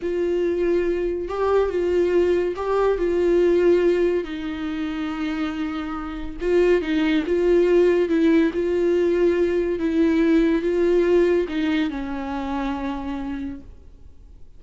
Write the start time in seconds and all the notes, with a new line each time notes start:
0.02 F4
1.28 G4
1.69 F4
2.56 G4
2.98 F4
4.24 D#4
6.40 F4
6.81 D#4
7.26 F4
8.09 E4
8.53 F4
9.79 E4
10.62 F4
11.48 D#4
11.90 C#4